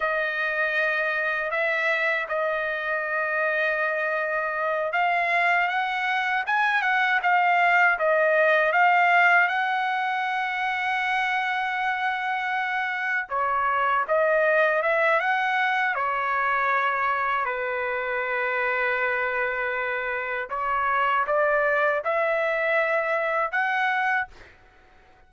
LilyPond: \new Staff \with { instrumentName = "trumpet" } { \time 4/4 \tempo 4 = 79 dis''2 e''4 dis''4~ | dis''2~ dis''8 f''4 fis''8~ | fis''8 gis''8 fis''8 f''4 dis''4 f''8~ | f''8 fis''2.~ fis''8~ |
fis''4. cis''4 dis''4 e''8 | fis''4 cis''2 b'4~ | b'2. cis''4 | d''4 e''2 fis''4 | }